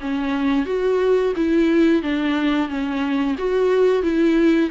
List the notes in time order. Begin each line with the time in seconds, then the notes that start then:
0.00 C#4
0.65 F#4
1.35 E4
2.02 D4
2.68 C#4
3.38 F#4
4.02 E4